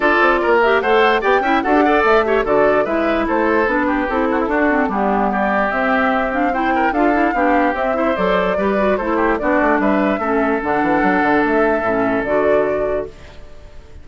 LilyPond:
<<
  \new Staff \with { instrumentName = "flute" } { \time 4/4 \tempo 4 = 147 d''4. e''8 fis''4 g''4 | fis''4 e''4 d''4 e''4 | c''4 b'4 a'2 | g'4 d''4 e''4. f''8 |
g''4 f''2 e''4 | d''2 c''4 d''4 | e''2 fis''2 | e''2 d''2 | }
  \new Staff \with { instrumentName = "oboe" } { \time 4/4 a'4 ais'4 c''4 d''8 e''8 | a'8 d''4 cis''8 a'4 b'4 | a'4. g'4 fis'16 e'16 fis'4 | d'4 g'2. |
c''8 ais'8 a'4 g'4. c''8~ | c''4 b'4 a'8 g'8 fis'4 | b'4 a'2.~ | a'1 | }
  \new Staff \with { instrumentName = "clarinet" } { \time 4/4 f'4. g'8 a'4 g'8 e'8 | fis'16 g'16 a'4 g'8 fis'4 e'4~ | e'4 d'4 e'4 d'8 c'8 | b2 c'4. d'8 |
e'4 f'8 e'8 d'4 c'8 e'8 | a'4 g'8 fis'8 e'4 d'4~ | d'4 cis'4 d'2~ | d'4 cis'4 fis'2 | }
  \new Staff \with { instrumentName = "bassoon" } { \time 4/4 d'8 c'8 ais4 a4 b8 cis'8 | d'4 a4 d4 gis4 | a4 b4 c'4 d'4 | g2 c'2~ |
c'4 d'4 b4 c'4 | fis4 g4 a4 b8 a8 | g4 a4 d8 e8 fis8 d8 | a4 a,4 d2 | }
>>